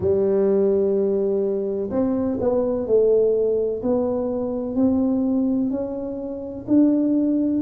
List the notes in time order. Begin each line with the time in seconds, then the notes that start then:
0.00 G3
1.90 C4
2.39 B3
2.87 A3
3.82 B3
4.74 C4
5.70 C#4
6.67 D4